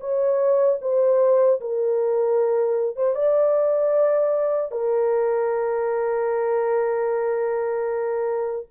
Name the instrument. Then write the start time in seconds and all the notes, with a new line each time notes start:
horn
0.00 C#5
0.81 C5
1.60 A#4
2.96 C5
3.15 D5
4.72 A#4